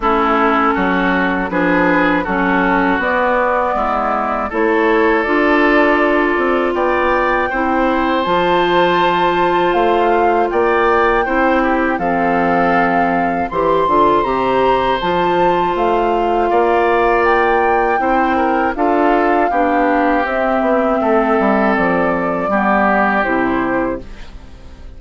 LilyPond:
<<
  \new Staff \with { instrumentName = "flute" } { \time 4/4 \tempo 4 = 80 a'2 b'4 a'4 | d''2 cis''4 d''4~ | d''4 g''2 a''4~ | a''4 f''4 g''2 |
f''2 c'''4 ais''4 | a''4 f''2 g''4~ | g''4 f''2 e''4~ | e''4 d''2 c''4 | }
  \new Staff \with { instrumentName = "oboe" } { \time 4/4 e'4 fis'4 gis'4 fis'4~ | fis'4 e'4 a'2~ | a'4 d''4 c''2~ | c''2 d''4 c''8 g'8 |
a'2 c''2~ | c''2 d''2 | c''8 ais'8 a'4 g'2 | a'2 g'2 | }
  \new Staff \with { instrumentName = "clarinet" } { \time 4/4 cis'2 d'4 cis'4 | b2 e'4 f'4~ | f'2 e'4 f'4~ | f'2. e'4 |
c'2 g'8 f'8 g'4 | f'1 | e'4 f'4 d'4 c'4~ | c'2 b4 e'4 | }
  \new Staff \with { instrumentName = "bassoon" } { \time 4/4 a4 fis4 f4 fis4 | b4 gis4 a4 d'4~ | d'8 c'8 b4 c'4 f4~ | f4 a4 ais4 c'4 |
f2 e8 d8 c4 | f4 a4 ais2 | c'4 d'4 b4 c'8 b8 | a8 g8 f4 g4 c4 | }
>>